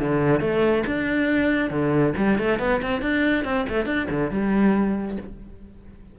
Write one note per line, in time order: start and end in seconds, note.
0.00 0.41 D3
0.41 0.84 A3
0.87 1.71 D4
1.71 2.14 D3
2.17 2.39 G3
2.39 2.59 A3
2.59 2.81 B3
2.82 3.02 C4
3.02 3.45 D4
3.45 3.67 C4
3.69 3.86 A3
3.86 4.08 D4
4.10 4.31 D3
4.31 5.18 G3